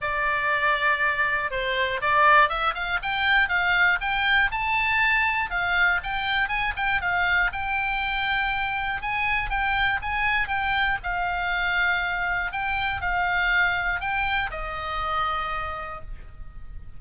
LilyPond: \new Staff \with { instrumentName = "oboe" } { \time 4/4 \tempo 4 = 120 d''2. c''4 | d''4 e''8 f''8 g''4 f''4 | g''4 a''2 f''4 | g''4 gis''8 g''8 f''4 g''4~ |
g''2 gis''4 g''4 | gis''4 g''4 f''2~ | f''4 g''4 f''2 | g''4 dis''2. | }